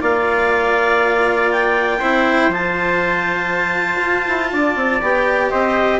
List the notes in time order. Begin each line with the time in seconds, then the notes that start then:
0.00 A#3 F4 D5 F5
1.52 G5
2.00 C4 E4 C5
2.49 F3 F4 A5
4.03 F4
4.28 E4
4.52 D4 D5
4.76 C4
5.02 B3 G4 G5
5.50 C4 C5 D#5